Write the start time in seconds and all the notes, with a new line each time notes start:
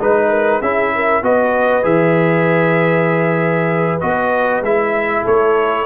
0.00 G#3 D#4 B4
0.30 A#4
0.61 C#4 E4 G#4 E5
0.95 A#4
1.23 B3 F#4 B4 D#5
1.83 E3 G#4 E5
4.01 B3 F#4 D#5
4.61 G#3 E4 E5
5.22 A3 A4 C#5